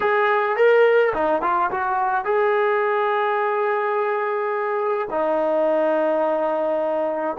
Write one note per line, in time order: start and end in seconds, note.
0.00 0.56 G#4
0.56 1.13 A#4
1.14 1.42 D#4
1.42 1.70 F4
1.70 2.24 F#4
2.24 5.07 G#4
5.10 7.36 D#4